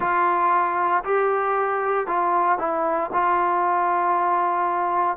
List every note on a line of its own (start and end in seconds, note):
0.00 1.03 F4
1.03 2.06 G4
2.06 2.58 F4
2.58 3.10 E4
3.12 5.16 F4